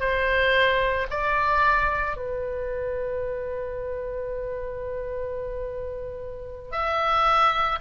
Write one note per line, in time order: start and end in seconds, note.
0.00 1.07 C5
1.11 2.16 D5
2.16 6.72 B4
6.72 7.79 E5